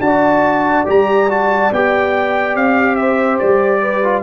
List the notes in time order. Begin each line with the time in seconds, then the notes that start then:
0.00 D4 F#4 D5 A5
0.85 G3 G4 A#5
1.29 F#4 A5
1.71 B3 G4 G5
2.55 C4 F5
2.95 C5 E5
3.38 G3 D5
3.81 B4
4.03 F4